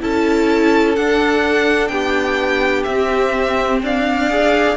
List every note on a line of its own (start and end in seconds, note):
0.00 0.97 C#4
0.00 0.95 E4
0.00 1.92 A4
0.00 0.95 A5
0.95 2.87 D4
0.95 1.89 D4
0.95 1.88 F#5
1.88 2.84 B3
1.88 3.82 G4
1.88 2.83 G5
2.84 3.82 C4
2.84 4.29 C4
2.84 3.79 E5
3.82 4.77 D4
3.82 4.77 D5
3.82 4.77 F5
4.29 4.77 G#4